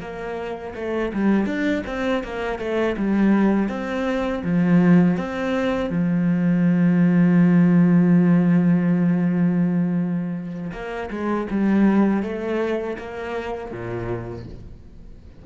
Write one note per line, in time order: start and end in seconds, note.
0.00 0.74 A#3
0.75 1.12 A3
1.13 1.46 G3
1.46 1.83 D4
1.86 2.23 C4
2.23 2.59 A#3
2.59 2.96 A3
2.97 3.69 G3
3.69 4.42 C4
4.43 5.17 F3
5.17 5.90 C4
5.90 10.71 F3
10.72 11.09 A#3
11.10 11.47 G#3
11.50 12.23 G3
12.23 12.97 A3
12.98 13.71 A#3
13.71 14.45 A#2